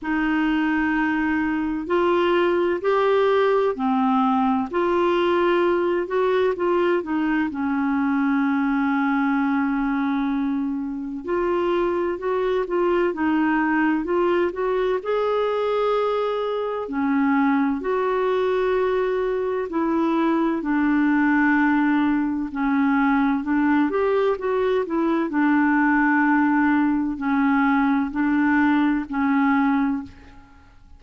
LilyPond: \new Staff \with { instrumentName = "clarinet" } { \time 4/4 \tempo 4 = 64 dis'2 f'4 g'4 | c'4 f'4. fis'8 f'8 dis'8 | cis'1 | f'4 fis'8 f'8 dis'4 f'8 fis'8 |
gis'2 cis'4 fis'4~ | fis'4 e'4 d'2 | cis'4 d'8 g'8 fis'8 e'8 d'4~ | d'4 cis'4 d'4 cis'4 | }